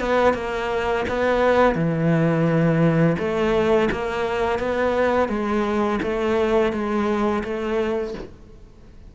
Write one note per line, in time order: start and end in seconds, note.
0.00 0.34 B3
0.34 1.05 A#3
1.09 1.75 B3
1.75 3.16 E3
3.19 3.89 A3
3.92 4.59 A#3
4.59 5.29 B3
5.29 5.99 G#3
6.03 6.73 A3
6.73 7.43 G#3
7.44 8.14 A3